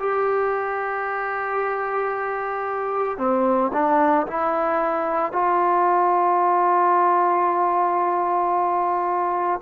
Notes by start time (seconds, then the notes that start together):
0.00 G4
3.19 C4
3.74 D4
4.28 E4
5.32 F4